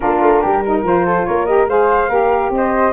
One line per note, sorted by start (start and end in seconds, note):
0.00 0.21 A#3
0.00 0.62 D4
0.00 0.42 F4
0.00 0.82 A#4
0.21 0.42 A3
0.42 0.83 G3
0.42 0.62 G4
0.65 0.84 D#4
0.65 1.05 A#4
0.83 1.25 F3
0.83 1.46 F4
0.83 1.25 C5
1.05 1.26 A4
1.25 1.67 A#3
1.25 1.69 A#4
1.25 1.46 C#5
1.46 1.67 G4
1.46 1.67 D#5
1.67 2.09 G#3
1.67 2.09 G#4
1.67 2.09 C5
1.67 2.52 F5
2.09 2.49 A#3
2.09 2.92 G4
2.09 2.51 A#4
2.49 2.91 C4
2.49 2.92 D#5
2.56 2.92 C5